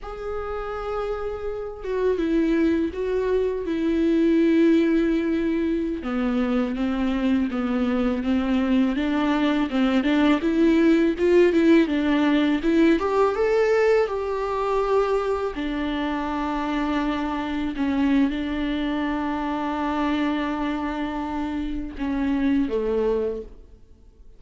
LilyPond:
\new Staff \with { instrumentName = "viola" } { \time 4/4 \tempo 4 = 82 gis'2~ gis'8 fis'8 e'4 | fis'4 e'2.~ | e'16 b4 c'4 b4 c'8.~ | c'16 d'4 c'8 d'8 e'4 f'8 e'16~ |
e'16 d'4 e'8 g'8 a'4 g'8.~ | g'4~ g'16 d'2~ d'8.~ | d'16 cis'8. d'2.~ | d'2 cis'4 a4 | }